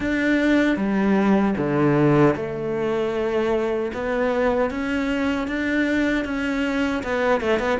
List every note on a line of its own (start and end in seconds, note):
0.00 0.76 D4
0.76 1.54 G3
1.57 2.35 D3
2.36 3.92 A3
3.93 4.70 B3
4.70 5.47 C#4
5.47 6.24 D4
6.24 7.02 C#4
7.03 7.40 B3
7.40 7.59 A3
7.59 7.78 B3